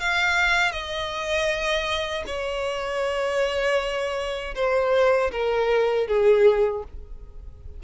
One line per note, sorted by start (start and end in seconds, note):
0.00 0.72 F5
0.72 2.24 D#5
2.27 4.55 C#5
4.55 5.31 C5
5.32 6.08 A#4
6.08 6.84 G#4